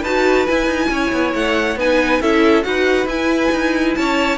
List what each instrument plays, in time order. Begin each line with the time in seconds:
0.00 cello D#4, viola F#4, violin B4 A5
0.46 viola E4, cello E4, violin G#5
0.66 cello D#4
0.89 cello C#4, violin C#5
1.12 cello B3
1.34 cello A3, violin F#5
1.76 cello B3, viola D#4, violin B4 G#5
2.20 cello C#4, viola E4, violin A4 E5
2.62 cello D#4, viola F#4, violin B4 F#5
3.05 cello E4, viola E4, violin G#5
3.51 cello D#4
3.94 cello C#4, violin C#5 A5